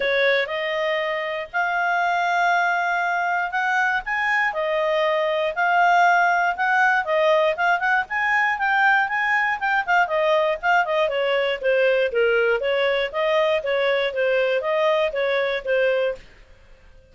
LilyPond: \new Staff \with { instrumentName = "clarinet" } { \time 4/4 \tempo 4 = 119 cis''4 dis''2 f''4~ | f''2. fis''4 | gis''4 dis''2 f''4~ | f''4 fis''4 dis''4 f''8 fis''8 |
gis''4 g''4 gis''4 g''8 f''8 | dis''4 f''8 dis''8 cis''4 c''4 | ais'4 cis''4 dis''4 cis''4 | c''4 dis''4 cis''4 c''4 | }